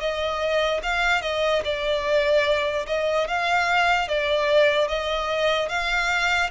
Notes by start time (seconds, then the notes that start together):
0.00 D#5
0.83 F5
1.22 D#5
1.64 D5
2.87 D#5
3.28 F5
4.08 D5
4.88 D#5
5.69 F5